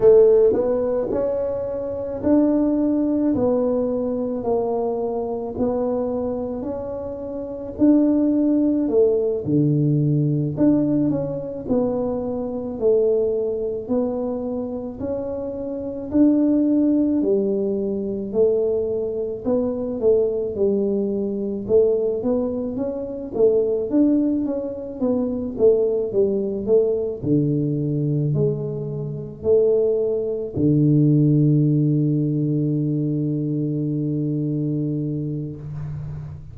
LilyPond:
\new Staff \with { instrumentName = "tuba" } { \time 4/4 \tempo 4 = 54 a8 b8 cis'4 d'4 b4 | ais4 b4 cis'4 d'4 | a8 d4 d'8 cis'8 b4 a8~ | a8 b4 cis'4 d'4 g8~ |
g8 a4 b8 a8 g4 a8 | b8 cis'8 a8 d'8 cis'8 b8 a8 g8 | a8 d4 gis4 a4 d8~ | d1 | }